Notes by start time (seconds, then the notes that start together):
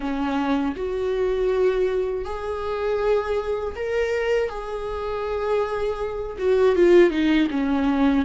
0.00 C#4
0.76 F#4
2.24 G#4
3.75 A#4
4.49 G#4
6.38 F#4
6.75 F4
7.10 D#4
7.50 C#4